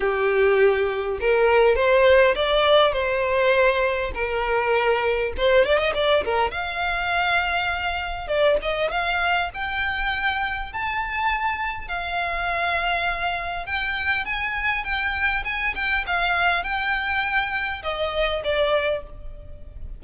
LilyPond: \new Staff \with { instrumentName = "violin" } { \time 4/4 \tempo 4 = 101 g'2 ais'4 c''4 | d''4 c''2 ais'4~ | ais'4 c''8 d''16 dis''16 d''8 ais'8 f''4~ | f''2 d''8 dis''8 f''4 |
g''2 a''2 | f''2. g''4 | gis''4 g''4 gis''8 g''8 f''4 | g''2 dis''4 d''4 | }